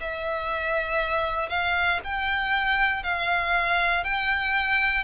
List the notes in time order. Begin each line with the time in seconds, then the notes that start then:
0.00 E5
1.49 F5
2.04 G5
3.03 F5
4.04 G5